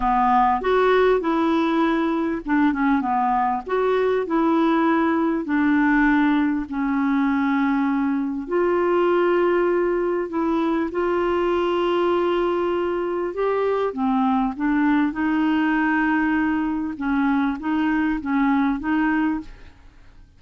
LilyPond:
\new Staff \with { instrumentName = "clarinet" } { \time 4/4 \tempo 4 = 99 b4 fis'4 e'2 | d'8 cis'8 b4 fis'4 e'4~ | e'4 d'2 cis'4~ | cis'2 f'2~ |
f'4 e'4 f'2~ | f'2 g'4 c'4 | d'4 dis'2. | cis'4 dis'4 cis'4 dis'4 | }